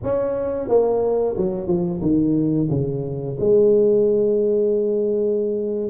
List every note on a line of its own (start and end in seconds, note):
0.03 0.68 C#4
0.68 1.35 A#3
1.37 1.67 F#3
1.67 2.00 F3
2.01 2.68 D#3
2.69 3.36 C#3
3.39 5.90 G#3